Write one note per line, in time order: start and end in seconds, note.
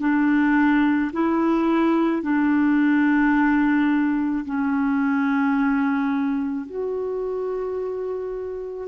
0.00 1.11 D4
1.12 2.22 E4
2.22 4.44 D4
4.44 6.66 C#4
6.66 8.87 F#4